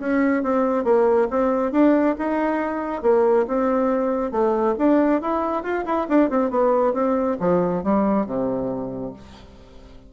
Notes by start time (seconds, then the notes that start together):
0.00 C#4
0.43 C4
0.85 A#3
1.31 C4
1.72 D4
2.19 D#4
3.03 A#3
3.48 C4
4.32 A3
4.78 D4
5.22 E4
5.63 F4
5.86 E4
6.09 D4
6.30 C4
6.51 B3
6.94 C4
7.40 F3
7.84 G3
8.26 C3